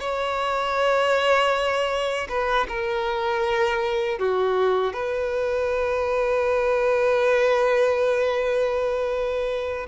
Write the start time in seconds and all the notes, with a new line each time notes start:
0.00 C#5
2.29 B4
2.69 A#4
4.19 F#4
4.93 B4